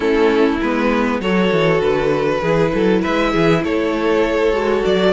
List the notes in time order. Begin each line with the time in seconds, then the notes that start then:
0.00 A3 C#4 E4 A4
0.60 G#3 B3 B4
1.20 F#3 F#4 A4 C#5
1.52 E3
1.80 D3 B4
2.41 E3 E4 G#4
2.74 F#3 A4
3.01 G#3 B4 E5
3.31 E3 G#4
3.64 A3 A4 C#5
4.52 G#3 F#4
4.84 F#3 D5